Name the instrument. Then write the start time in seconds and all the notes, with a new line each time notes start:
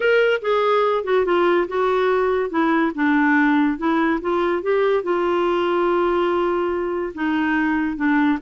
clarinet
0.00 A#4
0.41 G#4
1.04 F#4
1.25 F4
1.68 F#4
2.50 E4
2.94 D4
3.78 E4
4.21 F4
4.62 G4
5.03 F4
7.14 D#4
7.96 D4